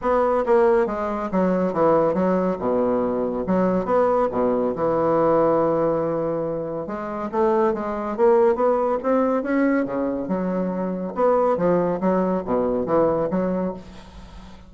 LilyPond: \new Staff \with { instrumentName = "bassoon" } { \time 4/4 \tempo 4 = 140 b4 ais4 gis4 fis4 | e4 fis4 b,2 | fis4 b4 b,4 e4~ | e1 |
gis4 a4 gis4 ais4 | b4 c'4 cis'4 cis4 | fis2 b4 f4 | fis4 b,4 e4 fis4 | }